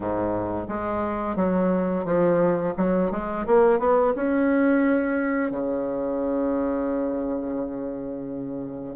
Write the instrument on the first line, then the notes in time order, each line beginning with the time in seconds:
bassoon
0.00 G#2
0.68 G#3
1.35 F#3
2.04 F3
2.77 F#3
3.11 G#3
3.46 A#3
3.79 B3
4.15 C#4
5.51 C#3